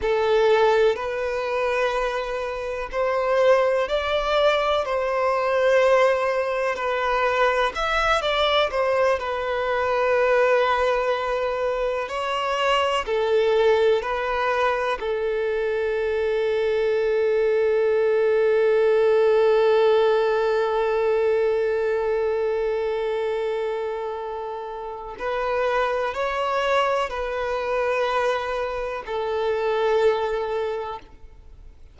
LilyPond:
\new Staff \with { instrumentName = "violin" } { \time 4/4 \tempo 4 = 62 a'4 b'2 c''4 | d''4 c''2 b'4 | e''8 d''8 c''8 b'2~ b'8~ | b'8 cis''4 a'4 b'4 a'8~ |
a'1~ | a'1~ | a'2 b'4 cis''4 | b'2 a'2 | }